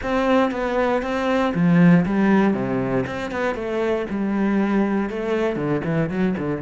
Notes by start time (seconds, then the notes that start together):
0.03 C4
0.51 B3
1.02 C4
1.54 F3
2.05 G3
2.53 C3
3.06 C4
3.31 B3
3.55 A3
4.10 G3
5.09 A3
5.56 D3
5.84 E3
6.09 F#3
6.38 D3